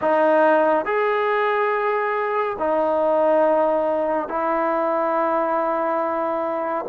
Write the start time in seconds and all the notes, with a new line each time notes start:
0.01 D#4
0.85 G#4
2.58 D#4
4.28 E4